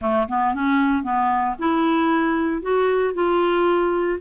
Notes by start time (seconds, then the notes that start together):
0.01 A3
0.28 B3
0.54 C#4
1.03 B3
1.58 E4
2.62 F#4
3.14 F4